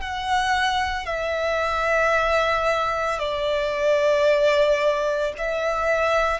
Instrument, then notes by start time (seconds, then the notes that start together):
violin
0.00 F#5
1.05 E5
3.19 D5
5.38 E5